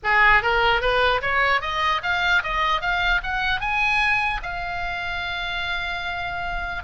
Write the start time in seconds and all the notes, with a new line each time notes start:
0.03 G#4
0.42 A#4
0.81 B4
1.21 C#5
1.61 D#5
2.02 F5
2.43 D#5
2.81 F5
3.23 F#5
3.60 G#5
4.42 F5